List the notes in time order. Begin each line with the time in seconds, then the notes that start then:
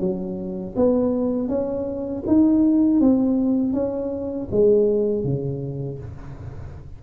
0.00 F#3
0.76 B3
1.49 C#4
2.27 D#4
3.00 C4
3.73 C#4
4.51 G#3
5.24 C#3